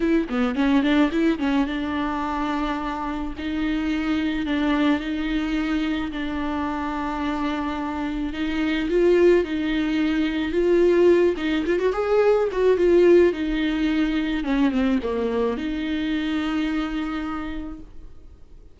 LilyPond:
\new Staff \with { instrumentName = "viola" } { \time 4/4 \tempo 4 = 108 e'8 b8 cis'8 d'8 e'8 cis'8 d'4~ | d'2 dis'2 | d'4 dis'2 d'4~ | d'2. dis'4 |
f'4 dis'2 f'4~ | f'8 dis'8 f'16 fis'16 gis'4 fis'8 f'4 | dis'2 cis'8 c'8 ais4 | dis'1 | }